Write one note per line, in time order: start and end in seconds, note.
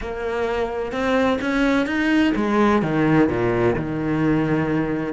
0.01 0.92 A#3
0.92 1.38 C4
1.41 1.86 C#4
1.86 2.33 D#4
2.35 2.82 G#3
2.82 3.28 D#3
3.28 3.75 A#2
3.76 5.13 D#3